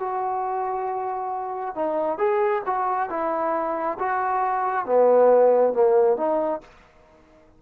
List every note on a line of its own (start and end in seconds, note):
0.00 1.76 F#4
1.76 2.18 D#4
2.18 2.62 G#4
2.66 3.10 F#4
3.10 3.98 E4
4.00 4.86 F#4
4.86 5.73 B3
5.73 6.17 A#3
6.17 6.61 D#4